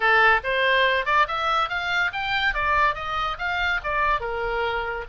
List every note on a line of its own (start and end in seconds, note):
0.00 0.40 A4
0.43 1.05 C5
1.05 1.26 D5
1.28 1.69 E5
1.69 2.11 F5
2.12 2.54 G5
2.54 2.95 D5
2.95 3.37 D#5
3.38 3.80 F5
3.83 4.20 D5
4.20 5.05 A#4